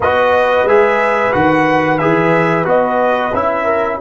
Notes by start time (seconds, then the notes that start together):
0.00 B3 F#4 B4 D#5
0.64 G#3 G#4 E5
1.32 D#3 F#4 F#5
1.98 E3 G#4 E5
2.64 B3 F#4 D#5
3.33 C#4 E4 E5
3.64 A#4